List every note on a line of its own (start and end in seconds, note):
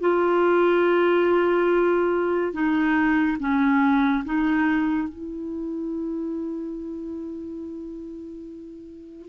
0.00 2.53 F4
2.53 3.37 D#4
3.39 4.24 C#4
4.24 5.08 D#4
5.08 9.29 E4